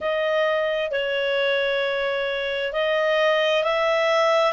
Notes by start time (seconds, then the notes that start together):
0.00 D#5
0.91 C#5
2.72 D#5
3.63 E5